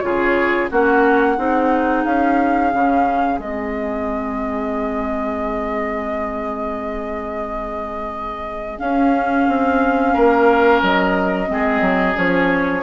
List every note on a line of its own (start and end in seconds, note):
0.00 0.71 C#3
0.00 0.70 F4
0.00 0.71 G#4
0.00 0.67 C#5
0.71 1.38 A#3
0.71 1.38 C#4
0.71 1.37 F#4
0.71 2.05 F#5
1.37 2.06 C4
1.37 2.73 D#4
1.37 10.13 G#4
2.05 2.73 C#4
2.05 3.40 F5
2.74 3.39 C#3
2.74 3.40 C#4
3.39 8.78 G#3
3.39 8.79 C4
3.39 8.80 D#5
8.79 11.48 C#4
8.79 9.48 C#4
8.79 10.82 F5
9.48 10.16 C4
10.14 10.83 A#3
10.14 11.49 A#4
10.83 11.50 F#3
10.83 12.18 D#5
11.48 11.81 G#3
11.48 12.15 C4
11.48 12.84 G#4
11.81 12.15 F#3
12.15 12.84 F3
12.15 12.82 C#4
12.15 12.84 C#5